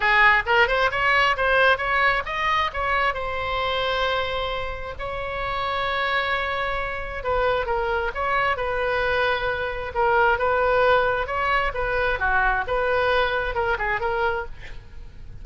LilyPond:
\new Staff \with { instrumentName = "oboe" } { \time 4/4 \tempo 4 = 133 gis'4 ais'8 c''8 cis''4 c''4 | cis''4 dis''4 cis''4 c''4~ | c''2. cis''4~ | cis''1 |
b'4 ais'4 cis''4 b'4~ | b'2 ais'4 b'4~ | b'4 cis''4 b'4 fis'4 | b'2 ais'8 gis'8 ais'4 | }